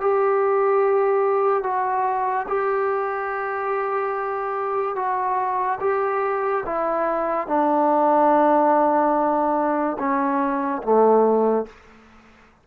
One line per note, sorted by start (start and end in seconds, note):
0.00 1.63 G4
1.63 2.46 F#4
2.48 4.95 G4
4.95 5.79 F#4
5.80 6.64 G4
6.65 7.47 E4
7.47 9.97 D4
9.98 10.82 C#4
10.83 11.66 A3